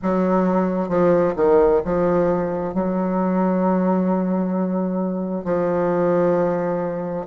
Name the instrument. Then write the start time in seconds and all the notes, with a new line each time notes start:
bassoon
0.02 F#3
0.88 F3
1.36 D#3
1.84 F3
2.74 F#3
5.44 F3